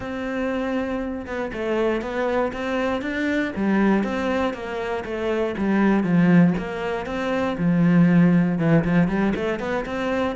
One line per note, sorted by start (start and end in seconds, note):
0.00 1.26 C4
1.26 1.51 B3
1.52 2.01 A3
2.01 2.52 B3
2.52 3.01 C4
3.01 3.52 D4
3.56 4.03 G3
4.03 4.53 C4
4.53 5.04 A#3
5.04 5.55 A3
5.57 6.03 G3
6.03 6.53 F3
6.58 7.05 A#3
7.05 7.56 C4
7.57 8.58 F3
8.58 8.83 E3
8.84 9.08 F3
9.08 9.33 G3
9.35 9.59 A3
9.59 9.85 B3
9.85 10.35 C4